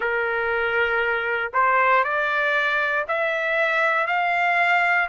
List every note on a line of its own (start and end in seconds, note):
0.00 1.52 A#4
1.53 2.03 C5
2.03 3.05 D5
3.07 4.07 E5
4.07 5.08 F5